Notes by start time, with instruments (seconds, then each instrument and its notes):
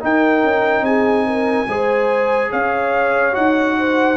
0.00 trombone D#4, tuba D#4, horn A#4, trumpet G5
0.43 tuba C#4
0.81 tuba C4, horn G#4, trumpet G#5
1.26 horn A#4
1.67 tuba G#3, trombone G#4, horn C5
2.51 tuba C#4, horn C#5, trumpet F5
3.32 tuba D#4, trombone F#4, trumpet F#5
3.78 horn C5